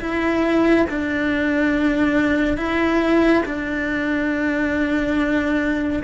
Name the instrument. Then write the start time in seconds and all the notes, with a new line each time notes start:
cello
0.00 E4
0.89 D4
2.57 E4
3.45 D4